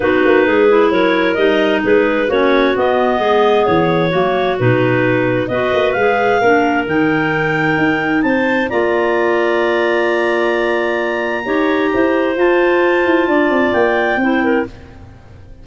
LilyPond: <<
  \new Staff \with { instrumentName = "clarinet" } { \time 4/4 \tempo 4 = 131 b'2 cis''4 dis''4 | b'4 cis''4 dis''2 | cis''2 b'2 | dis''4 f''2 g''4~ |
g''2 a''4 ais''4~ | ais''1~ | ais''2. a''4~ | a''2 g''2 | }
  \new Staff \with { instrumentName = "clarinet" } { \time 4/4 fis'4 gis'4 ais'2 | gis'4 fis'2 gis'4~ | gis'4 fis'2. | b'2 ais'2~ |
ais'2 c''4 d''4~ | d''1~ | d''4 cis''4 c''2~ | c''4 d''2 c''8 ais'8 | }
  \new Staff \with { instrumentName = "clarinet" } { \time 4/4 dis'4. e'4. dis'4~ | dis'4 cis'4 b2~ | b4 ais4 dis'2 | fis'4 gis'4 d'4 dis'4~ |
dis'2. f'4~ | f'1~ | f'4 g'2 f'4~ | f'2. e'4 | }
  \new Staff \with { instrumentName = "tuba" } { \time 4/4 b8 ais8 gis4 fis4 g4 | gis4 ais4 b4 gis4 | e4 fis4 b,2 | b8 ais8 gis4 ais4 dis4~ |
dis4 dis'4 c'4 ais4~ | ais1~ | ais4 dis'4 e'4 f'4~ | f'8 e'8 d'8 c'8 ais4 c'4 | }
>>